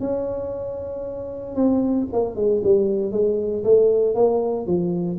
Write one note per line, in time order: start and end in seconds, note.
0.00 1.55 C#4
1.55 2.07 C4
2.12 2.36 A#3
2.36 2.61 G#3
2.64 3.12 G3
3.12 3.63 G#3
3.64 4.15 A3
4.15 4.66 A#3
4.66 5.18 F3